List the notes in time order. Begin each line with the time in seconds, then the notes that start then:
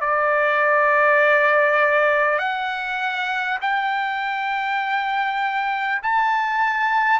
0.00 D5
2.38 F#5
3.61 G5
6.02 A5